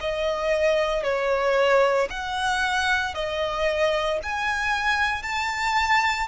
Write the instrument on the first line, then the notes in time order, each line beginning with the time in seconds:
violin
0.00 D#5
1.03 C#5
2.10 F#5
3.14 D#5
4.22 G#5
5.22 A5